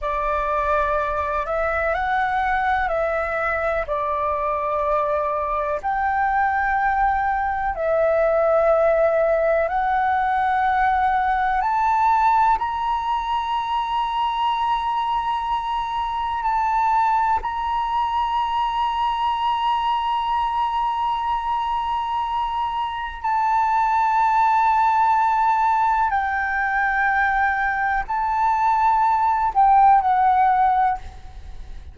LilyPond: \new Staff \with { instrumentName = "flute" } { \time 4/4 \tempo 4 = 62 d''4. e''8 fis''4 e''4 | d''2 g''2 | e''2 fis''2 | a''4 ais''2.~ |
ais''4 a''4 ais''2~ | ais''1 | a''2. g''4~ | g''4 a''4. g''8 fis''4 | }